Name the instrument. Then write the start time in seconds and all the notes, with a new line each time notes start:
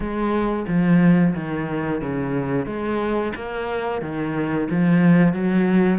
cello
0.00 G#3
0.67 F3
1.35 D#3
2.01 C#3
2.66 G#3
3.35 A#3
4.01 D#3
4.70 F3
5.33 F#3